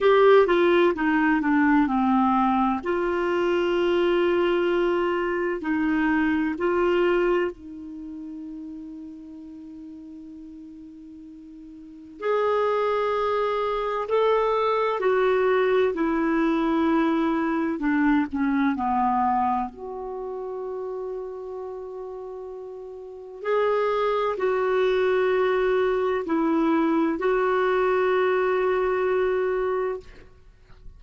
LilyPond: \new Staff \with { instrumentName = "clarinet" } { \time 4/4 \tempo 4 = 64 g'8 f'8 dis'8 d'8 c'4 f'4~ | f'2 dis'4 f'4 | dis'1~ | dis'4 gis'2 a'4 |
fis'4 e'2 d'8 cis'8 | b4 fis'2.~ | fis'4 gis'4 fis'2 | e'4 fis'2. | }